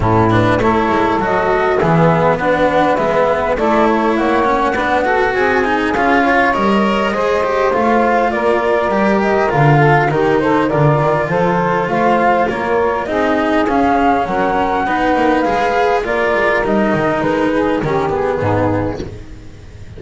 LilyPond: <<
  \new Staff \with { instrumentName = "flute" } { \time 4/4 \tempo 4 = 101 a'8 b'8 cis''4 dis''4 e''4 | fis''4 e''4 d''8 cis''8 fis''4~ | fis''4 gis''4 f''4 dis''4~ | dis''4 f''4 d''4. dis''8 |
f''4 ais'8 c''8 d''4 c''4 | f''4 cis''4 dis''4 f''4 | fis''2 f''4 d''4 | dis''4 b'4 ais'8 gis'4. | }
  \new Staff \with { instrumentName = "saxophone" } { \time 4/4 e'4 a'2 gis'4 | b'2 a'4 cis''4 | b'8 a'8 gis'4. cis''4. | c''2 ais'2~ |
ais'8 a'8 g'8 a'8 ais'4 a'4 | c''4 ais'4 gis'2 | ais'4 b'2 ais'4~ | ais'4. gis'8 g'4 dis'4 | }
  \new Staff \with { instrumentName = "cello" } { \time 4/4 cis'8 d'8 e'4 fis'4 b4 | d'4 b4 e'4. cis'8 | d'8 fis'4 dis'8 f'4 ais'4 | gis'8 g'8 f'2 g'4 |
f'4 dis'4 f'2~ | f'2 dis'4 cis'4~ | cis'4 dis'4 gis'4 f'4 | dis'2 cis'8 b4. | }
  \new Staff \with { instrumentName = "double bass" } { \time 4/4 a,4 a8 gis8 fis4 e4 | b4 gis4 a4 ais4 | b4 c'4 cis'4 g4 | gis4 a4 ais4 g4 |
d4 dis4 d8 dis8 f4 | a4 ais4 c'4 cis'4 | fis4 b8 ais8 gis4 ais8 gis8 | g8 dis8 gis4 dis4 gis,4 | }
>>